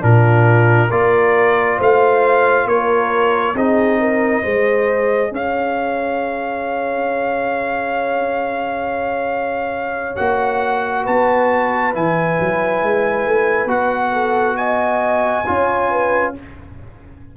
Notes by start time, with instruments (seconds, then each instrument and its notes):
0.00 tuba A#2, trombone D4, horn F4, trumpet A#4
0.90 tuba A#3, trombone F4, horn A#4, trumpet D5
1.77 tuba A3, horn C5, trumpet F5
2.65 tuba A#3, horn A#4, trumpet C#5
3.54 tuba C4, trombone D#4, horn G#4, trumpet D#5
3.99 horn A#4
4.42 tuba G#3, trombone G#4, horn C5
5.31 tuba C#4, horn C#5, trumpet F5
10.16 tuba A#3, trombone F#4, trumpet F#5
11.03 tuba B3, horn B4, trumpet A5
11.93 tuba E3, trombone E4, trumpet G#5
12.40 tuba F#3
12.82 tuba G#3
13.26 tuba A3
13.65 tuba B3, trombone F#4, trumpet F#5
14.12 horn A4
14.56 horn D#5, trumpet G#5
15.46 tuba C#4, trombone F4, horn C#5
15.90 horn B4